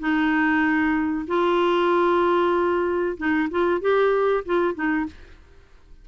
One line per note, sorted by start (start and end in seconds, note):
0.00 1.26 D#4
1.28 3.18 F4
3.18 3.49 D#4
3.51 3.82 F4
3.82 4.45 G4
4.46 4.75 F4
4.75 5.07 D#4